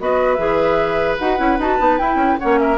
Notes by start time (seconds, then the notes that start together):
0.00 B3 F#4 B4 D#5
0.35 E3 G#4 E5
1.19 D#4 F#4 F#5
1.38 C#4 E4
1.59 D#4 F#4 A5
1.79 B3 D#4
1.98 E4 G5
2.16 C#4
2.40 A#3 C#4 C#5 F#5
2.59 A#4 E5